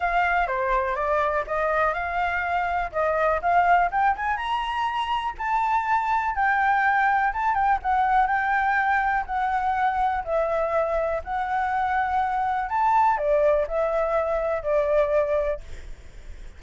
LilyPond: \new Staff \with { instrumentName = "flute" } { \time 4/4 \tempo 4 = 123 f''4 c''4 d''4 dis''4 | f''2 dis''4 f''4 | g''8 gis''8 ais''2 a''4~ | a''4 g''2 a''8 g''8 |
fis''4 g''2 fis''4~ | fis''4 e''2 fis''4~ | fis''2 a''4 d''4 | e''2 d''2 | }